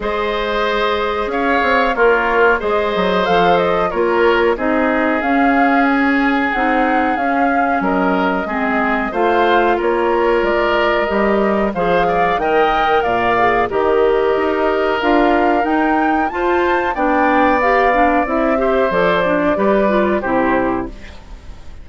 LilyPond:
<<
  \new Staff \with { instrumentName = "flute" } { \time 4/4 \tempo 4 = 92 dis''2 f''4 cis''4 | dis''4 f''8 dis''8 cis''4 dis''4 | f''4 gis''4 fis''4 f''4 | dis''2 f''4 cis''4 |
d''4 dis''4 f''4 g''4 | f''4 dis''2 f''4 | g''4 a''4 g''4 f''4 | e''4 d''2 c''4 | }
  \new Staff \with { instrumentName = "oboe" } { \time 4/4 c''2 cis''4 f'4 | c''2 ais'4 gis'4~ | gis'1 | ais'4 gis'4 c''4 ais'4~ |
ais'2 c''8 d''8 dis''4 | d''4 ais'2.~ | ais'4 c''4 d''2~ | d''8 c''4. b'4 g'4 | }
  \new Staff \with { instrumentName = "clarinet" } { \time 4/4 gis'2. ais'4 | gis'4 a'4 f'4 dis'4 | cis'2 dis'4 cis'4~ | cis'4 c'4 f'2~ |
f'4 g'4 gis'4 ais'4~ | ais'8 gis'8 g'2 f'4 | dis'4 f'4 d'4 g'8 d'8 | e'8 g'8 a'8 d'8 g'8 f'8 e'4 | }
  \new Staff \with { instrumentName = "bassoon" } { \time 4/4 gis2 cis'8 c'8 ais4 | gis8 fis8 f4 ais4 c'4 | cis'2 c'4 cis'4 | fis4 gis4 a4 ais4 |
gis4 g4 f4 dis4 | ais,4 dis4 dis'4 d'4 | dis'4 f'4 b2 | c'4 f4 g4 c4 | }
>>